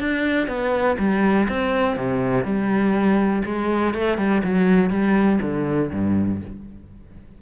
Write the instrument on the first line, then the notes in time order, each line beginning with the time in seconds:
cello
0.00 D4
0.48 B3
0.99 G3
1.49 C4
1.97 C3
2.45 G3
3.45 G#3
3.94 A3
4.18 G3
4.44 F#3
4.90 G3
5.41 D3
5.92 G2